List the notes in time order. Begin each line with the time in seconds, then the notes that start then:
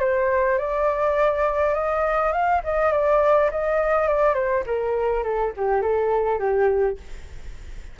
0.00 C5
0.59 D5
1.74 D#5
2.32 F5
2.64 D#5
2.92 D5
3.51 D#5
4.08 D5
4.34 C5
4.67 A#4
5.23 A4
5.57 G4
5.82 A4
6.39 G4